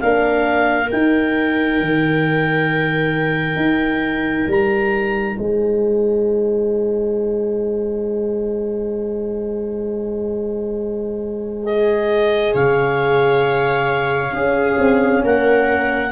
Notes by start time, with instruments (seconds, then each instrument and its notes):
0.00 tuba A#3, horn D4, viola A#4, clarinet F5
0.87 horn D#4, tuba D#4, clarinet G5
1.80 tuba D#3
3.55 tuba D#4
4.47 tuba G3, clarinet A#5
5.37 tuba G#3, viola C5, clarinet G#5
11.63 horn G#4, clarinet D#5
12.54 tuba C#3, viola C#5, clarinet F5
14.32 tuba C#4, horn C#4, viola G#4
14.78 tuba C4
15.23 tuba A#3, viola A#4, clarinet F#5